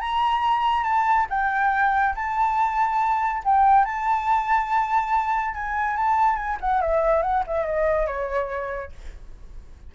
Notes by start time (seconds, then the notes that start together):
0.00 A#5
0.84 A5
1.30 G5
2.15 A5
3.45 G5
3.85 A5
5.55 G#5
5.97 A5
6.36 G#5
6.61 F#5
6.81 E5
7.22 F#5
7.47 E5
7.66 D#5
8.07 C#5